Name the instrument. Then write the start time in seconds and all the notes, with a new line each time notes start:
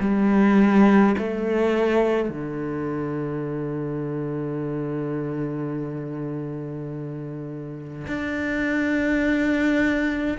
cello
0.00 G3
1.18 A3
2.30 D3
8.07 D4